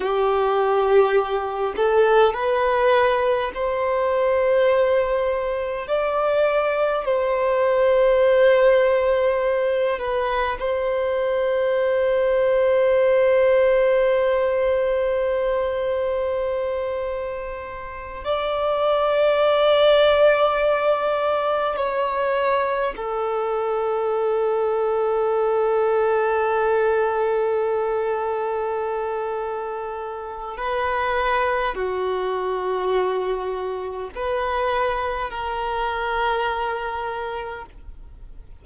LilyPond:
\new Staff \with { instrumentName = "violin" } { \time 4/4 \tempo 4 = 51 g'4. a'8 b'4 c''4~ | c''4 d''4 c''2~ | c''8 b'8 c''2.~ | c''2.~ c''8 d''8~ |
d''2~ d''8 cis''4 a'8~ | a'1~ | a'2 b'4 fis'4~ | fis'4 b'4 ais'2 | }